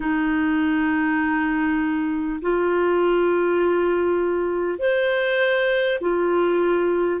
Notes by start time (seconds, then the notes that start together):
0.00 D#4
2.41 F4
4.78 C5
6.00 F4